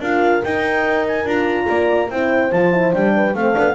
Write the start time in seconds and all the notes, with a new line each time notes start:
0.00 D4 F4 A#4 F5
0.44 D#4 G5
1.08 G#5
1.25 D4 F4 A#5
1.68 A#3 D5
2.10 C4 E4 C5 G5
2.52 F3 F4 A5
2.72 E4
2.93 G3 D4 G5
3.15 B4
3.35 A3 C4 A4 F5
3.54 B3 D4